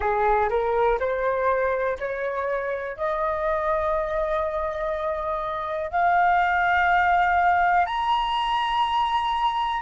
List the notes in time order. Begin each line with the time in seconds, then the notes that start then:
0.00 G#4
0.49 A#4
0.99 C5
1.99 C#5
2.96 D#5
5.90 F5
7.86 A#5